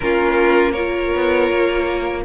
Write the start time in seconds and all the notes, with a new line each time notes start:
0.00 A#3 C#4 F4 A#4
0.72 F4 A#4 C#5
1.14 B3
1.50 A#3